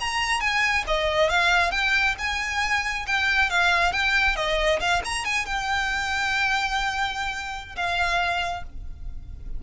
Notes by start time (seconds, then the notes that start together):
0.00 A#5
0.40 G#5
0.87 D#5
1.30 F5
1.71 G5
2.19 G#5
3.07 G5
3.50 F5
3.92 G5
4.36 D#5
4.80 F5
5.05 A#5
5.25 G#5
5.46 G5
7.76 F5